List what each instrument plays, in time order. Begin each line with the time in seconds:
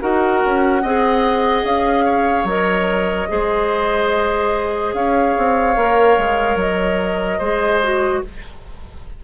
0.00 bassoon D#4, clarinet F#4, oboe A#4, flute F#5
0.45 bassoon C#4
0.82 bassoon C4, clarinet G#4, oboe D#5
1.64 bassoon C#4, flute F5
2.05 oboe C#5
2.44 bassoon F#3, clarinet A#4, flute D#5
3.28 bassoon G#3, clarinet G#4, oboe C5
4.94 bassoon C#4, oboe C#5, flute F5
5.38 bassoon C4
5.76 bassoon A#3, clarinet A#4
6.18 bassoon G#3
6.56 bassoon F#3, flute D#5
7.38 bassoon G#3, clarinet G#4, oboe C5
7.83 clarinet F#4